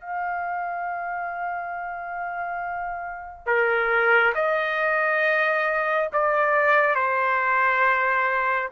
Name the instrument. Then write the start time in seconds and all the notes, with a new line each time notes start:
trumpet
0.00 F5
3.46 A#4
4.34 D#5
6.12 D5
6.95 C5